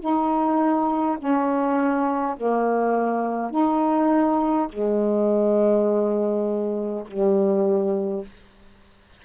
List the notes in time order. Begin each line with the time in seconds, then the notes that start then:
0.00 D#4
1.19 C#4
2.37 A#3
3.51 D#4
4.70 G#3
7.08 G3